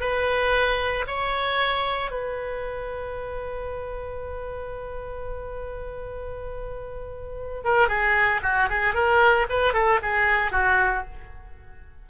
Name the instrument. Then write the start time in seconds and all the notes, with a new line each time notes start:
oboe
0.00 B4
1.06 C#5
2.11 B4
7.64 A#4
7.88 G#4
8.42 F#4
8.69 G#4
8.94 A#4
9.49 B4
9.73 A4
10.02 G#4
10.51 F#4